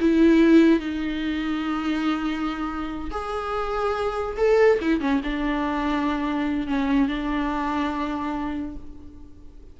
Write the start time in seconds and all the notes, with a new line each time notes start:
0.00 E4
0.80 D#4
3.11 G#4
4.37 A4
4.81 E4
5.00 C#4
5.23 D4
6.67 C#4
7.08 D4